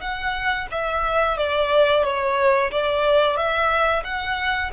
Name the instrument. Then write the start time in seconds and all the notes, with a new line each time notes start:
violin
0.00 F#5
0.71 E5
1.37 D5
2.04 C#5
2.71 D5
3.36 E5
4.04 F#5